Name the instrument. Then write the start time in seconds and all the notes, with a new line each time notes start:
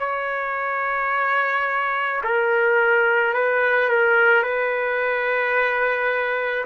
trumpet
0.00 C#5
2.24 A#4
3.34 B4
3.89 A#4
4.43 B4